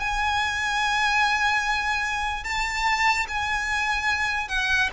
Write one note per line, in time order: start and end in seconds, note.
0.00 2.44 G#5
2.44 3.27 A5
3.28 4.49 G#5
4.49 4.90 F#5